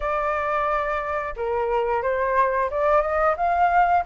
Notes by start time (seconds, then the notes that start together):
0.00 D5
1.36 A#4
2.02 C5
2.70 D5
3.01 D#5
3.36 F5